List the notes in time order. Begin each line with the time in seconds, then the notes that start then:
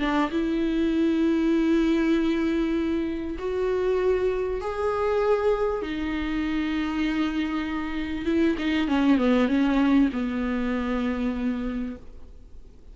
0.00 D4
0.31 E4
3.39 F#4
4.62 G#4
5.82 D#4
8.26 E4
8.59 D#4
8.88 C#4
9.18 B3
9.48 C#4
10.13 B3